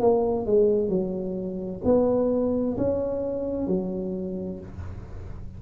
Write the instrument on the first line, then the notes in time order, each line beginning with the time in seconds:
tuba
0.00 A#3
0.46 G#3
0.89 F#3
1.84 B3
2.77 C#4
3.67 F#3